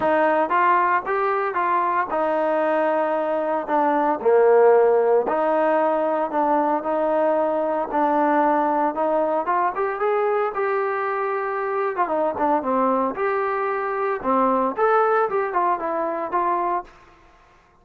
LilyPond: \new Staff \with { instrumentName = "trombone" } { \time 4/4 \tempo 4 = 114 dis'4 f'4 g'4 f'4 | dis'2. d'4 | ais2 dis'2 | d'4 dis'2 d'4~ |
d'4 dis'4 f'8 g'8 gis'4 | g'2~ g'8. f'16 dis'8 d'8 | c'4 g'2 c'4 | a'4 g'8 f'8 e'4 f'4 | }